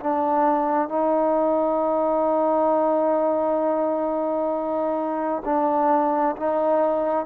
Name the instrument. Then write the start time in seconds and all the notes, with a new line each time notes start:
trombone
0.00 D4
0.88 D#4
5.45 D4
6.36 D#4